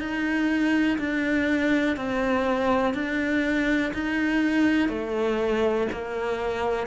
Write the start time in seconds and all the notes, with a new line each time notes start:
0.00 D#4
0.98 D4
1.97 C4
2.94 D4
3.94 D#4
4.89 A3
5.92 A#3